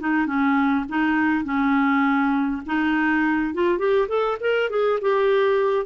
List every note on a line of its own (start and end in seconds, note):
0.00 0.26 D#4
0.26 0.85 C#4
0.89 1.44 D#4
1.44 2.62 C#4
2.66 3.54 D#4
3.54 3.79 F4
3.79 4.08 G4
4.08 4.38 A4
4.41 4.70 A#4
4.70 4.99 G#4
5.01 5.86 G4